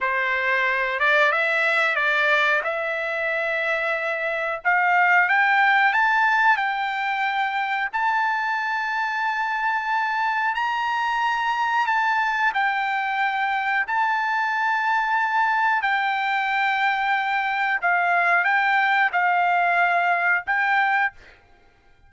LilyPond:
\new Staff \with { instrumentName = "trumpet" } { \time 4/4 \tempo 4 = 91 c''4. d''8 e''4 d''4 | e''2. f''4 | g''4 a''4 g''2 | a''1 |
ais''2 a''4 g''4~ | g''4 a''2. | g''2. f''4 | g''4 f''2 g''4 | }